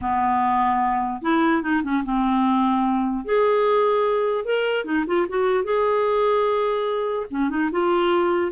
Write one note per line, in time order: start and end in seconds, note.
0.01 1.22 B3
1.22 1.62 E4
1.62 1.82 D#4
1.83 2.03 C#4
2.04 3.25 C4
3.25 4.44 G#4
4.44 4.84 A#4
4.84 5.05 D#4
5.06 5.26 F4
5.28 5.64 F#4
5.64 7.26 G#4
7.30 7.49 C#4
7.49 7.69 D#4
7.71 8.51 F4